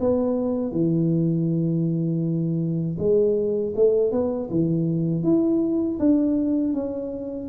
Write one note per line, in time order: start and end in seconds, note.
0.00 0.72 B3
0.72 2.97 E3
2.98 3.73 G#3
3.75 4.11 A3
4.11 4.49 B3
4.50 5.23 E3
5.23 5.98 E4
5.99 6.74 D4
6.74 7.49 C#4